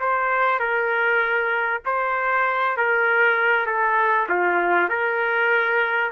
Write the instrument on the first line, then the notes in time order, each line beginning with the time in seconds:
trumpet
0.00 C5
0.59 A#4
1.86 C5
2.77 A#4
3.66 A4
4.29 F4
4.89 A#4